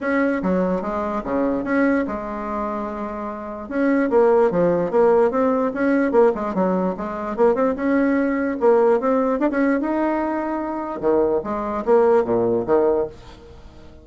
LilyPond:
\new Staff \with { instrumentName = "bassoon" } { \time 4/4 \tempo 4 = 147 cis'4 fis4 gis4 cis4 | cis'4 gis2.~ | gis4 cis'4 ais4 f4 | ais4 c'4 cis'4 ais8 gis8 |
fis4 gis4 ais8 c'8 cis'4~ | cis'4 ais4 c'4 d'16 cis'8. | dis'2. dis4 | gis4 ais4 ais,4 dis4 | }